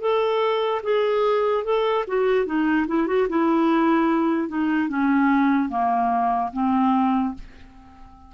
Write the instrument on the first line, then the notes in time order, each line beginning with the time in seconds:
clarinet
0.00 A4
0.83 G#4
1.64 A4
2.07 F#4
2.45 D#4
2.87 E4
3.07 F#4
3.29 E4
4.48 D#4
4.88 C#4
5.69 A#3
6.53 C4